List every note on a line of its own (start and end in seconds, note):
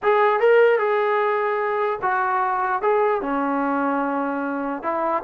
0.02 0.40 G#4
0.40 0.79 A#4
0.79 1.99 G#4
2.02 2.82 F#4
2.82 3.21 G#4
3.21 4.82 C#4
4.82 5.23 E4